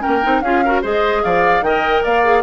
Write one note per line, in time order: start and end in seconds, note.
0.00 0.20 C#4
0.00 0.42 A#4
0.00 0.41 G5
0.07 0.26 A#3
0.23 0.42 C4
0.23 0.43 D#4
0.41 0.82 C#4
0.41 0.65 F4
0.41 0.64 G#4
0.41 0.81 F5
0.65 0.84 F#4
0.65 0.82 A#4
0.82 1.24 G#3
0.82 1.64 G#4
0.82 1.22 C5
0.82 1.24 D#5
1.24 1.62 F3
1.24 1.65 D5
1.24 1.64 F5
1.62 2.02 D#3
1.62 2.25 A#4
1.62 2.04 D#5
1.62 2.04 G5
2.04 2.43 A#3
2.04 2.43 D5
2.04 2.43 F5
2.25 2.43 G#4